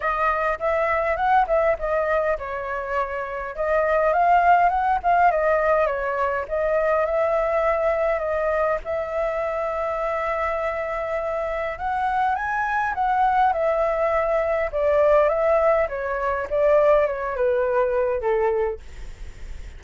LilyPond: \new Staff \with { instrumentName = "flute" } { \time 4/4 \tempo 4 = 102 dis''4 e''4 fis''8 e''8 dis''4 | cis''2 dis''4 f''4 | fis''8 f''8 dis''4 cis''4 dis''4 | e''2 dis''4 e''4~ |
e''1 | fis''4 gis''4 fis''4 e''4~ | e''4 d''4 e''4 cis''4 | d''4 cis''8 b'4. a'4 | }